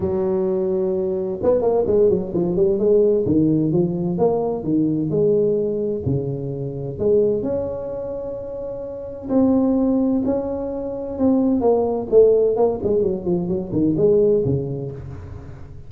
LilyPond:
\new Staff \with { instrumentName = "tuba" } { \time 4/4 \tempo 4 = 129 fis2. b8 ais8 | gis8 fis8 f8 g8 gis4 dis4 | f4 ais4 dis4 gis4~ | gis4 cis2 gis4 |
cis'1 | c'2 cis'2 | c'4 ais4 a4 ais8 gis8 | fis8 f8 fis8 dis8 gis4 cis4 | }